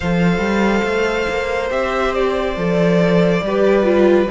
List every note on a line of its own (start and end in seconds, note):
0.00 0.38 F3
0.00 1.70 A4
0.00 3.43 C5
0.00 1.68 F5
0.38 0.81 G3
0.83 1.26 A3
1.29 1.71 A#3
1.70 2.56 C4
1.70 2.56 G4
1.70 2.14 E5
2.14 4.28 D5
2.56 3.41 F3
2.56 3.42 A4
3.41 4.27 G3
3.41 3.83 G4
3.41 4.30 B4
3.83 4.26 F4